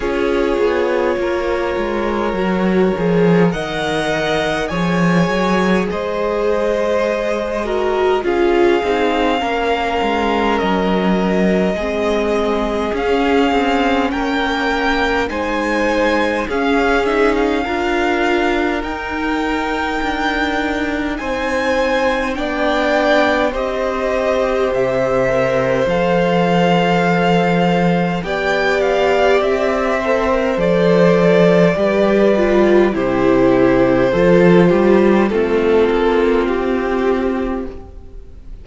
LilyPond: <<
  \new Staff \with { instrumentName = "violin" } { \time 4/4 \tempo 4 = 51 cis''2. fis''4 | gis''4 dis''2 f''4~ | f''4 dis''2 f''4 | g''4 gis''4 f''8 e''16 f''4~ f''16 |
g''2 gis''4 g''4 | dis''4 e''4 f''2 | g''8 f''8 e''4 d''2 | c''2 a'4 g'4 | }
  \new Staff \with { instrumentName = "violin" } { \time 4/4 gis'4 ais'2 dis''4 | cis''4 c''4. ais'8 gis'4 | ais'2 gis'2 | ais'4 c''4 gis'4 ais'4~ |
ais'2 c''4 d''4 | c''1 | d''4. c''4. b'4 | g'4 a'8 g'8 f'2 | }
  \new Staff \with { instrumentName = "viola" } { \time 4/4 f'2 fis'8 gis'8 ais'4 | gis'2~ gis'8 fis'8 f'8 dis'8 | cis'2 c'4 cis'4~ | cis'4 dis'4 cis'8 dis'8 f'4 |
dis'2. d'4 | g'4. ais'8 a'2 | g'4. a'16 ais'16 a'4 g'8 f'8 | e'4 f'4 c'2 | }
  \new Staff \with { instrumentName = "cello" } { \time 4/4 cis'8 b8 ais8 gis8 fis8 f8 dis4 | f8 fis8 gis2 cis'8 c'8 | ais8 gis8 fis4 gis4 cis'8 c'8 | ais4 gis4 cis'4 d'4 |
dis'4 d'4 c'4 b4 | c'4 c4 f2 | b4 c'4 f4 g4 | c4 f8 g8 a8 ais8 c'4 | }
>>